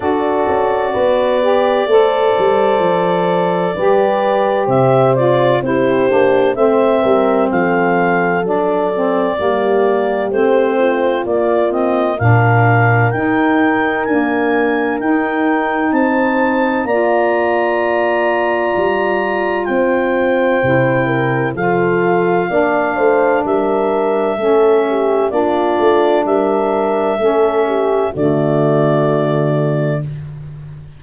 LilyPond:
<<
  \new Staff \with { instrumentName = "clarinet" } { \time 4/4 \tempo 4 = 64 d''1~ | d''4 e''8 d''8 c''4 e''4 | f''4 d''2 c''4 | d''8 dis''8 f''4 g''4 gis''4 |
g''4 a''4 ais''2~ | ais''4 g''2 f''4~ | f''4 e''2 d''4 | e''2 d''2 | }
  \new Staff \with { instrumentName = "horn" } { \time 4/4 a'4 b'4 c''2 | b'4 c''4 g'4 c''8 ais'8 | a'2 g'4. f'8~ | f'4 ais'2.~ |
ais'4 c''4 d''2~ | d''4 c''4. ais'8 a'4 | d''8 c''8 ais'4 a'8 g'8 f'4 | ais'4 a'8 g'8 fis'2 | }
  \new Staff \with { instrumentName = "saxophone" } { \time 4/4 fis'4. g'8 a'2 | g'4. f'8 e'8 d'8 c'4~ | c'4 d'8 c'8 ais4 c'4 | ais8 c'8 d'4 dis'4 ais4 |
dis'2 f'2~ | f'2 e'4 f'4 | d'2 cis'4 d'4~ | d'4 cis'4 a2 | }
  \new Staff \with { instrumentName = "tuba" } { \time 4/4 d'8 cis'8 b4 a8 g8 f4 | g4 c4 c'8 ais8 a8 g8 | f4 fis4 g4 a4 | ais4 ais,4 dis'4 d'4 |
dis'4 c'4 ais2 | g4 c'4 c4 f4 | ais8 a8 g4 a4 ais8 a8 | g4 a4 d2 | }
>>